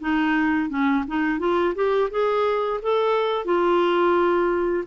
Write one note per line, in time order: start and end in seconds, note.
0.00 0.69 D#4
0.69 1.04 C#4
1.07 1.39 D#4
1.39 1.74 F4
1.75 2.10 G4
2.10 2.80 G#4
2.82 3.45 A4
3.45 4.84 F4